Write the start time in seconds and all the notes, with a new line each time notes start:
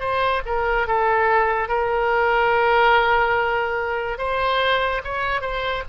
0.00 C5
0.45 A#4
0.87 A4
1.68 A#4
4.18 C5
5.04 C#5
5.41 C5